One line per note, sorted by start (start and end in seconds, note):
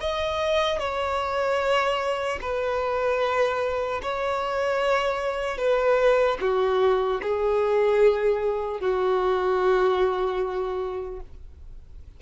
0.00 0.79 D#5
0.79 2.39 C#5
2.41 4.01 B4
4.02 5.57 C#5
5.57 6.37 B4
6.40 7.20 F#4
7.22 8.80 G#4
8.80 11.20 F#4